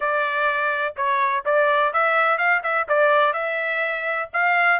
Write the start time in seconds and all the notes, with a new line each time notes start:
0.00 D5
0.96 C#5
1.45 D5
1.93 E5
2.38 F5
2.63 E5
2.88 D5
3.33 E5
4.33 F5